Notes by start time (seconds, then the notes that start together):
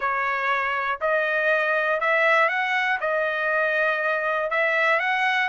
0.00 C#5
1.00 D#5
2.00 E5
2.48 F#5
3.00 D#5
4.50 E5
4.99 F#5